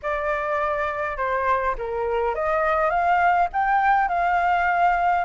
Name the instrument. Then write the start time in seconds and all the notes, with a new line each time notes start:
flute
0.02 D5
1.17 C5
1.78 A#4
2.34 D#5
2.90 F5
3.52 G5
4.08 F5